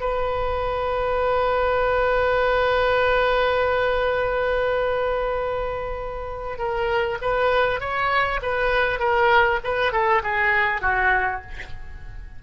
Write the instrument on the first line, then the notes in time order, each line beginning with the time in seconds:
oboe
0.00 B4
6.58 A#4
7.21 B4
7.80 C#5
8.42 B4
8.99 A#4
9.64 B4
9.92 A4
10.23 G#4
10.81 F#4